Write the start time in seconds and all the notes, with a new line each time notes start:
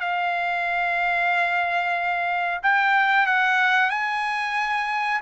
0.00 F5
2.63 G5
3.26 F#5
3.90 G#5